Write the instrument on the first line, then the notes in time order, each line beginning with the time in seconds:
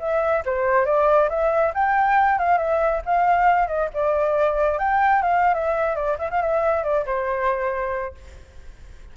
flute
0.00 E5
0.46 C5
0.86 D5
1.30 E5
1.75 G5
2.39 F5
2.58 E5
3.06 F5
3.68 D#5
3.94 D5
4.79 G5
5.23 F5
5.55 E5
5.96 D5
6.19 E5
6.31 F5
6.42 E5
6.84 D5
7.07 C5